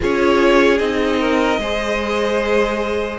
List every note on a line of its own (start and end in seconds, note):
0.00 0.80 C#4
0.00 0.78 F4
0.00 1.19 G#4
0.00 0.78 C#5
0.78 1.58 C4
0.78 1.59 D#4
0.78 3.18 D#5
1.19 1.59 A#4
1.58 3.18 G#3
1.58 3.19 G#4
1.58 3.19 C5